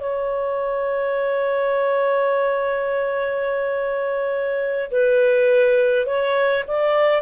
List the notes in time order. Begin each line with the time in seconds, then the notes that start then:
0.00 C#5
4.91 B4
6.06 C#5
6.67 D5